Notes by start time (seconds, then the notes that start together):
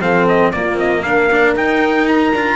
0.00 F3 C4 A4 F5
0.29 D#5
0.52 A#3 F4 D5
0.75 C4 D#5
1.03 D4 A#4 F5
1.30 A#3 D4
1.56 D#4 G5
2.08 A#5
2.34 D4 F4